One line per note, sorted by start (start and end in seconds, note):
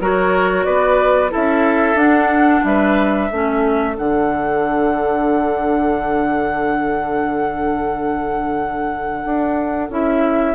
0.00 0.66 F#3
0.00 1.29 F#4
0.00 0.66 A#4
0.00 0.64 C#5
0.64 1.32 B3
0.64 1.31 B4
0.64 1.30 D5
1.29 1.95 E4
1.29 2.63 A4
1.29 1.98 E5
1.35 1.94 C#4
1.94 2.60 D4
1.94 3.30 D4
1.94 2.64 F#5
2.64 3.30 G3
2.64 3.30 B4
2.64 3.96 E5
3.30 3.97 A3
3.30 3.94 C#4
3.30 10.55 A4
3.94 9.25 D3
3.94 9.87 D4
3.94 9.91 F#5
9.25 9.89 D4
9.89 10.55 C#4
9.89 10.55 E4
9.89 10.55 E5